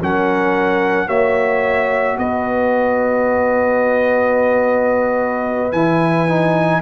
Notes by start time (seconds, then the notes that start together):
0.00 F#3 C#4 A#4 F#5
1.07 A#3 F#4 C#5 E5
2.18 B3 B4 D#5
5.72 E3 E4 G#5
6.29 D#4